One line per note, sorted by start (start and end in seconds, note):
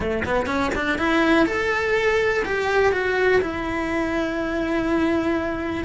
0.00 0.24 A3
0.25 0.46 B3
0.46 0.70 C#4
0.75 0.98 D4
0.98 1.45 E4
1.45 2.43 A4
2.44 2.92 G4
2.92 3.41 F#4
3.41 5.84 E4